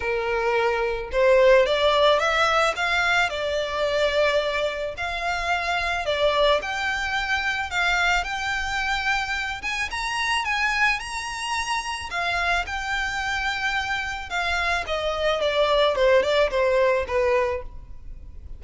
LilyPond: \new Staff \with { instrumentName = "violin" } { \time 4/4 \tempo 4 = 109 ais'2 c''4 d''4 | e''4 f''4 d''2~ | d''4 f''2 d''4 | g''2 f''4 g''4~ |
g''4. gis''8 ais''4 gis''4 | ais''2 f''4 g''4~ | g''2 f''4 dis''4 | d''4 c''8 d''8 c''4 b'4 | }